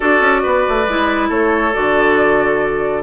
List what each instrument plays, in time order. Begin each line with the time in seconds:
0.00 bassoon D4, clarinet F#4, oboe A4, flute D5
0.20 bassoon C#4
0.42 bassoon B3, oboe B4
0.68 bassoon A3
0.87 bassoon G#3, clarinet E4
1.28 bassoon A3, oboe A4, flute C#5
1.73 bassoon D3, clarinet F#4, flute D5